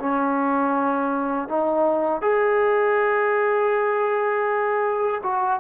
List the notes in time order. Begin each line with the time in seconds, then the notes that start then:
0.00 C#4
1.49 D#4
2.22 G#4
5.24 F#4